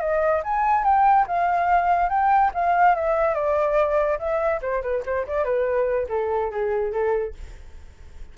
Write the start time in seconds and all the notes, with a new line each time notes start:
0.00 D#5
0.43 G#5
0.84 G5
1.27 F5
2.09 G5
2.54 F5
2.95 E5
3.34 D5
4.19 E5
4.62 C5
4.82 B4
5.05 C5
5.27 D5
5.44 B4
6.09 A4
6.51 G#4
6.92 A4